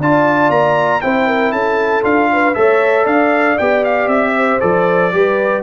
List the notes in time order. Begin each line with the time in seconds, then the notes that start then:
0.00 D4 F4 D5 A5
0.49 A#3 A#5
1.01 C4 E4 C5 G5
1.27 A#4
1.52 C#4 A4 A5
2.02 D4 F4 F5
2.32 B4
2.54 A3 A4 C#5 E5
3.04 D4 D5 F5
3.58 B3 G4 G5
3.84 F5
4.07 C4 E5
4.36 C5
4.60 F3 A4 D5
5.12 G3 G4 B4